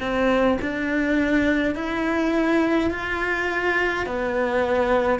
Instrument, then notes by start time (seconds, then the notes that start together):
cello
0.00 C4
0.61 D4
1.75 E4
2.91 F4
4.06 B3